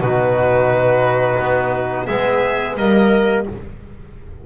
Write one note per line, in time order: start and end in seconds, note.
0.00 1.38 B2
0.00 2.08 D#4
0.00 2.07 F#4
0.00 2.06 B4
1.39 2.08 B3
2.06 2.77 G#3
2.06 2.77 B3
2.06 2.76 G#4
2.06 2.75 E5
2.77 3.46 G3
2.77 3.46 A#3
2.77 3.46 A#4
2.77 3.46 D#5